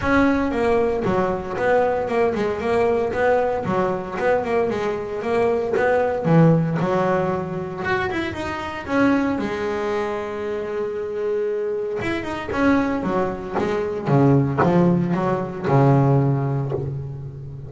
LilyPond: \new Staff \with { instrumentName = "double bass" } { \time 4/4 \tempo 4 = 115 cis'4 ais4 fis4 b4 | ais8 gis8 ais4 b4 fis4 | b8 ais8 gis4 ais4 b4 | e4 fis2 fis'8 e'8 |
dis'4 cis'4 gis2~ | gis2. e'8 dis'8 | cis'4 fis4 gis4 cis4 | f4 fis4 cis2 | }